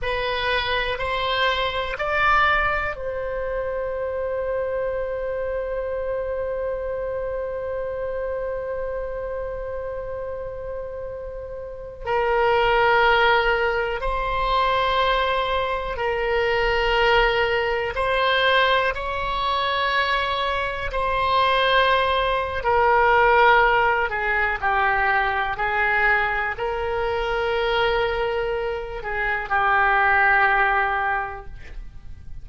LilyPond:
\new Staff \with { instrumentName = "oboe" } { \time 4/4 \tempo 4 = 61 b'4 c''4 d''4 c''4~ | c''1~ | c''1~ | c''16 ais'2 c''4.~ c''16~ |
c''16 ais'2 c''4 cis''8.~ | cis''4~ cis''16 c''4.~ c''16 ais'4~ | ais'8 gis'8 g'4 gis'4 ais'4~ | ais'4. gis'8 g'2 | }